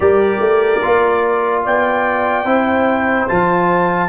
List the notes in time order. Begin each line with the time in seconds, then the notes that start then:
0.00 G3 G4 A#4 D5
0.39 A3
0.82 A#3 F4
1.64 B3 D5 G5
2.44 C4 E4 C5
3.28 F3 F4 A5